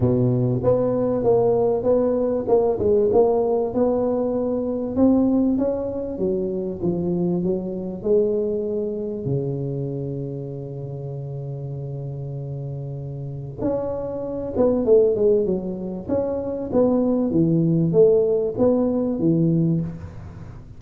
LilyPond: \new Staff \with { instrumentName = "tuba" } { \time 4/4 \tempo 4 = 97 b,4 b4 ais4 b4 | ais8 gis8 ais4 b2 | c'4 cis'4 fis4 f4 | fis4 gis2 cis4~ |
cis1~ | cis2 cis'4. b8 | a8 gis8 fis4 cis'4 b4 | e4 a4 b4 e4 | }